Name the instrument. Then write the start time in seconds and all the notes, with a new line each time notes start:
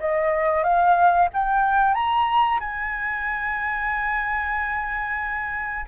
flute
0.00 D#5
0.63 F5
1.34 G5
1.94 A#5
2.60 G#5